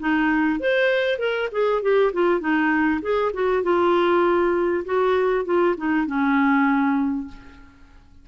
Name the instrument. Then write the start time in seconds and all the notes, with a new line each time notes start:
clarinet
0.00 D#4
0.60 C5
1.19 A#4
1.52 G#4
1.82 G4
2.13 F4
2.40 D#4
3.02 G#4
3.34 F#4
3.63 F4
4.85 F#4
5.45 F4
5.77 D#4
6.07 C#4